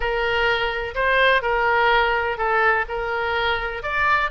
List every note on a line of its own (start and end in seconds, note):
0.00 0.94 A#4
0.94 1.42 C5
1.42 2.37 A#4
2.37 2.85 A4
2.88 3.82 A#4
3.82 4.30 D5